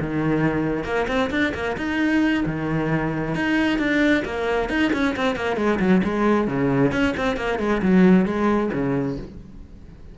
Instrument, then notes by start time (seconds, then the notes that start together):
cello
0.00 D#3
0.84 A#3
1.08 C4
1.31 D4
1.54 A#3
1.77 D#4
2.46 D#3
3.35 D#4
3.79 D4
4.25 A#3
4.69 D#4
4.93 C#4
5.16 C4
5.36 A#3
5.57 G#3
5.79 F#3
6.04 G#3
6.47 C#3
6.92 C#4
7.17 C4
7.37 A#3
7.59 G#3
7.82 F#3
8.26 G#3
8.73 C#3